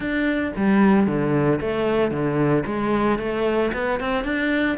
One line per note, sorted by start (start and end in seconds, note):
0.00 0.51 D4
0.56 1.06 G3
1.06 1.59 D3
1.60 2.11 A3
2.11 2.64 D3
2.66 3.18 G#3
3.18 3.71 A3
3.73 3.99 B3
4.00 4.24 C4
4.24 4.77 D4